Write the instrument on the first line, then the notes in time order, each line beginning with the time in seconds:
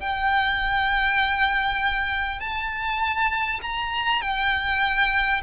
violin
0.00 G5
2.40 A5
3.62 A#5
4.22 G5